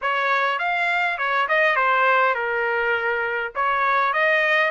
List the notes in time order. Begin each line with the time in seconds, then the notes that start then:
0.01 C#5
0.59 F5
1.18 C#5
1.48 D#5
1.75 C5
2.34 A#4
3.55 C#5
4.13 D#5